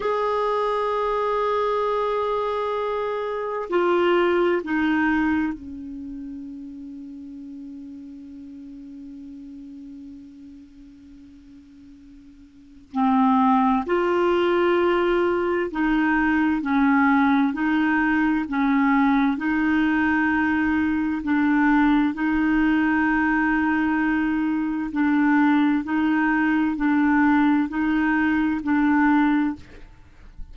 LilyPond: \new Staff \with { instrumentName = "clarinet" } { \time 4/4 \tempo 4 = 65 gis'1 | f'4 dis'4 cis'2~ | cis'1~ | cis'2 c'4 f'4~ |
f'4 dis'4 cis'4 dis'4 | cis'4 dis'2 d'4 | dis'2. d'4 | dis'4 d'4 dis'4 d'4 | }